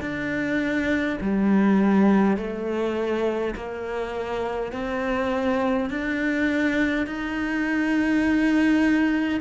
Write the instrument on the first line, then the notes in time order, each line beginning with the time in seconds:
cello
0.00 D4
1.21 G3
2.37 A3
3.55 A#3
4.72 C4
5.89 D4
7.06 D#4